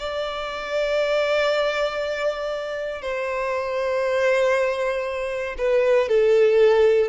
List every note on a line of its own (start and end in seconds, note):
0.00 3.02 D5
3.02 5.57 C5
5.58 6.09 B4
6.09 7.10 A4